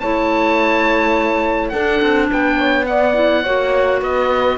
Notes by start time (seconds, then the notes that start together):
0.00 A3 E4 C#5 A5
1.69 D4 A4 F#5
1.75 D4
2.02 C4
2.31 B3 B4 G5
2.58 C#5
2.86 B3 D5 F#5
3.14 E4
3.43 A#3 F#4 C#5
4.01 B3 B4 D#5